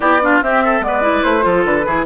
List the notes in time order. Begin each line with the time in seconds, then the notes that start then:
0.00 B3 E4 G4 D5
0.21 D4 F4
0.42 C4 G4 E5
0.64 A4
0.80 G#3 B3 D5
0.87 B4
1.01 E4
1.23 A3 C5
1.41 F3 F4 A4
1.64 D3 B4
1.86 E3 E4 G#4